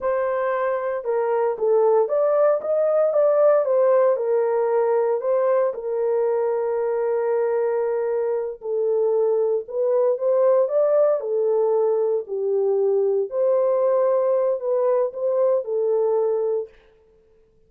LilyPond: \new Staff \with { instrumentName = "horn" } { \time 4/4 \tempo 4 = 115 c''2 ais'4 a'4 | d''4 dis''4 d''4 c''4 | ais'2 c''4 ais'4~ | ais'1~ |
ais'8 a'2 b'4 c''8~ | c''8 d''4 a'2 g'8~ | g'4. c''2~ c''8 | b'4 c''4 a'2 | }